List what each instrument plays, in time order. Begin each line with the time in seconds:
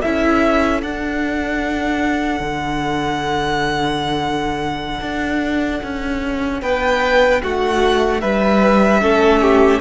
0.00 cello C#4, viola E4, violin A4 E5
0.82 cello D4, viola D4, violin F#5
2.40 cello D3
5.00 cello D4
5.83 cello C#4
6.62 cello B3, violin B4 G5
7.43 cello A3, violin F#4 F#5
8.21 cello G3, violin B4 E5
9.01 cello A3, viola C#4, violin A4
9.42 violin G4